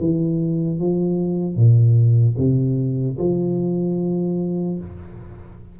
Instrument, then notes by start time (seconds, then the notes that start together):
tuba
0.00 E3
0.79 F3
1.56 A#2
2.37 C3
3.18 F3